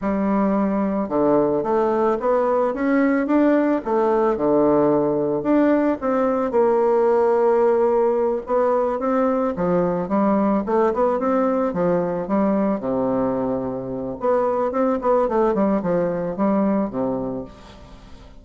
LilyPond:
\new Staff \with { instrumentName = "bassoon" } { \time 4/4 \tempo 4 = 110 g2 d4 a4 | b4 cis'4 d'4 a4 | d2 d'4 c'4 | ais2.~ ais8 b8~ |
b8 c'4 f4 g4 a8 | b8 c'4 f4 g4 c8~ | c2 b4 c'8 b8 | a8 g8 f4 g4 c4 | }